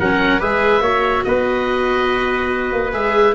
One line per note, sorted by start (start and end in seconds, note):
0.00 0.42 F#3
0.00 0.40 C#4
0.00 0.40 A#4
0.00 0.42 F#5
0.40 0.81 G#3
0.40 0.82 G#4
0.40 0.82 B4
0.40 1.24 E5
0.81 1.23 A#3
0.81 2.93 F#4
0.81 1.24 C#5
1.24 2.73 B3
1.24 3.36 B4
1.24 2.92 D#5
2.73 2.94 A#3
2.93 3.36 G#3
2.93 3.35 G#4
2.93 3.36 E5